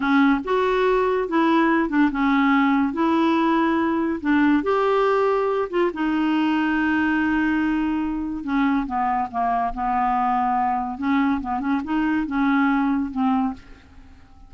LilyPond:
\new Staff \with { instrumentName = "clarinet" } { \time 4/4 \tempo 4 = 142 cis'4 fis'2 e'4~ | e'8 d'8 cis'2 e'4~ | e'2 d'4 g'4~ | g'4. f'8 dis'2~ |
dis'1 | cis'4 b4 ais4 b4~ | b2 cis'4 b8 cis'8 | dis'4 cis'2 c'4 | }